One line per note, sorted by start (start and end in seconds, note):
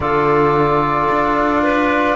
0.00 1.08 D3
0.00 2.16 F4
0.00 1.62 A4
0.00 2.16 D5
1.10 2.16 D4
1.62 2.16 B4